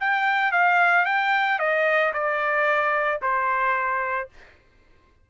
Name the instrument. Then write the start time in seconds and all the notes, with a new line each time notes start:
trumpet
0.00 G5
0.52 F5
1.05 G5
1.59 D#5
2.13 D5
3.22 C5